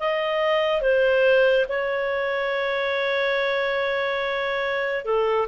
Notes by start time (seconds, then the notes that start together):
0.00 D#5
0.81 C5
1.69 C#5
5.05 A4